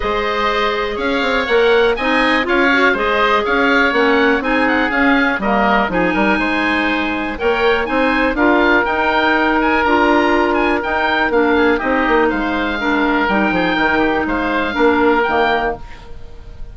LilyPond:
<<
  \new Staff \with { instrumentName = "oboe" } { \time 4/4 \tempo 4 = 122 dis''2 f''4 fis''4 | gis''4 f''4 dis''4 f''4 | fis''4 gis''8 fis''8 f''4 dis''4 | gis''2. g''4 |
gis''4 f''4 g''4. gis''8 | ais''4. gis''8 g''4 f''4 | dis''4 f''2 g''4~ | g''4 f''2 g''4 | }
  \new Staff \with { instrumentName = "oboe" } { \time 4/4 c''2 cis''2 | dis''4 cis''4 c''4 cis''4~ | cis''4 gis'2 ais'4 | gis'8 ais'8 c''2 cis''4 |
c''4 ais'2.~ | ais'2.~ ais'8 gis'8 | g'4 c''4 ais'4. gis'8 | ais'8 g'8 c''4 ais'2 | }
  \new Staff \with { instrumentName = "clarinet" } { \time 4/4 gis'2. ais'4 | dis'4 f'8 fis'8 gis'2 | cis'4 dis'4 cis'4 ais4 | dis'2. ais'4 |
dis'4 f'4 dis'2 | f'2 dis'4 d'4 | dis'2 d'4 dis'4~ | dis'2 d'4 ais4 | }
  \new Staff \with { instrumentName = "bassoon" } { \time 4/4 gis2 cis'8 c'8 ais4 | c'4 cis'4 gis4 cis'4 | ais4 c'4 cis'4 g4 | f8 g8 gis2 ais4 |
c'4 d'4 dis'2 | d'2 dis'4 ais4 | c'8 ais8 gis2 g8 f8 | dis4 gis4 ais4 dis4 | }
>>